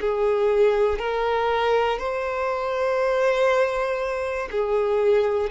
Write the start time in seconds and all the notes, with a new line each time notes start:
0.00 G#4
0.98 A#4
1.99 C5
4.50 G#4